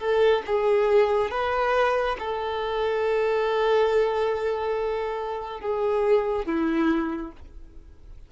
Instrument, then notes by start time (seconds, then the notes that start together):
violin
0.00 A4
0.46 G#4
1.31 B4
2.19 A4
5.61 G#4
6.46 E4